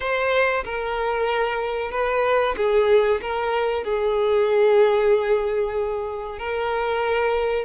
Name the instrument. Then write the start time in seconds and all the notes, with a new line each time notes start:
violin
0.00 C5
0.64 A#4
1.91 B4
2.56 G#4
3.21 A#4
3.84 G#4
6.38 A#4